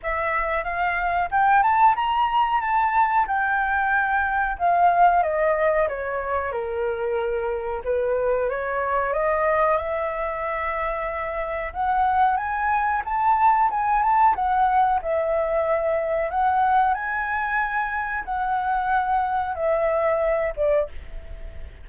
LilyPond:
\new Staff \with { instrumentName = "flute" } { \time 4/4 \tempo 4 = 92 e''4 f''4 g''8 a''8 ais''4 | a''4 g''2 f''4 | dis''4 cis''4 ais'2 | b'4 cis''4 dis''4 e''4~ |
e''2 fis''4 gis''4 | a''4 gis''8 a''8 fis''4 e''4~ | e''4 fis''4 gis''2 | fis''2 e''4. d''8 | }